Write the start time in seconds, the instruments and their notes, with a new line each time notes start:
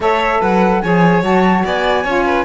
0.00 cello A3, saxophone A4, violin C#5, flute E5
0.40 cello F#3, violin B4, flute F#5
0.81 cello F3, saxophone G#4, violin C#5, flute G#5
1.21 cello F#3, saxophone F#4, flute A5
1.64 cello B3, violin D5, flute G#5
2.03 cello C#4, saxophone F4, violin C#5
2.25 violin B4